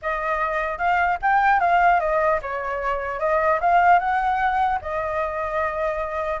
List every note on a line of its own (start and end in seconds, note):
0.02 0.77 D#5
0.77 1.17 F5
1.21 1.60 G5
1.60 2.00 F5
2.00 2.40 D#5
2.41 3.19 C#5
3.19 3.59 D#5
3.60 3.99 F5
3.99 4.79 F#5
4.81 6.40 D#5